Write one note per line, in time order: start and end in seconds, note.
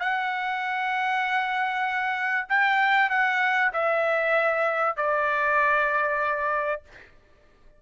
0.00 2.47 F#5
2.49 3.10 G5
3.10 3.71 F#5
3.73 4.97 E5
4.97 6.82 D5